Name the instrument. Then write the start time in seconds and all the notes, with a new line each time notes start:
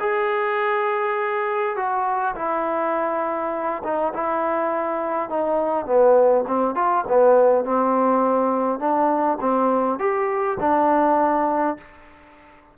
trombone
0.00 G#4
1.76 F#4
2.36 E4
3.84 D#4
4.14 E4
5.30 D#4
5.86 B3
6.48 C4
6.75 F4
7.08 B3
7.65 C4
8.79 D4
9.41 C4
9.99 G4
10.60 D4